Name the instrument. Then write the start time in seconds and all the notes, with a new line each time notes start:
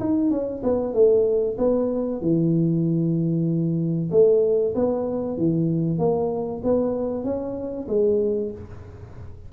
tuba
0.00 D#4
0.31 C#4
0.63 B3
0.94 A3
1.58 B3
2.21 E3
4.11 A3
4.75 B3
5.38 E3
5.99 A#3
6.64 B3
7.24 C#4
7.89 G#3